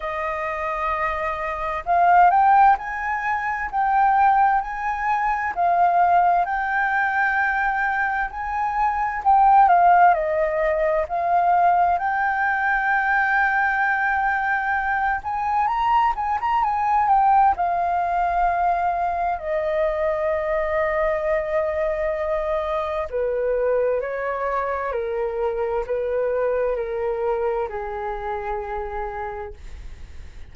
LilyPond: \new Staff \with { instrumentName = "flute" } { \time 4/4 \tempo 4 = 65 dis''2 f''8 g''8 gis''4 | g''4 gis''4 f''4 g''4~ | g''4 gis''4 g''8 f''8 dis''4 | f''4 g''2.~ |
g''8 gis''8 ais''8 gis''16 ais''16 gis''8 g''8 f''4~ | f''4 dis''2.~ | dis''4 b'4 cis''4 ais'4 | b'4 ais'4 gis'2 | }